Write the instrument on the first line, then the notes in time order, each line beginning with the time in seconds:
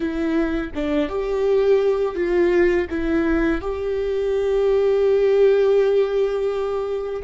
viola
0.00 E4
0.74 D4
1.08 G4
2.15 F4
2.89 E4
3.61 G4